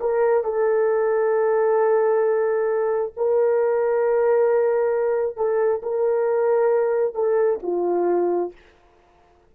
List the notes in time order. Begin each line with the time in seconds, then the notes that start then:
0.00 A#4
0.44 A4
3.16 A#4
5.36 A4
5.82 A#4
7.14 A4
7.62 F4